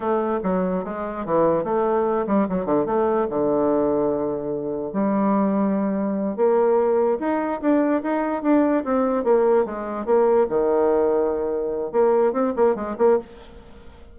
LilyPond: \new Staff \with { instrumentName = "bassoon" } { \time 4/4 \tempo 4 = 146 a4 fis4 gis4 e4 | a4. g8 fis8 d8 a4 | d1 | g2.~ g8 ais8~ |
ais4. dis'4 d'4 dis'8~ | dis'8 d'4 c'4 ais4 gis8~ | gis8 ais4 dis2~ dis8~ | dis4 ais4 c'8 ais8 gis8 ais8 | }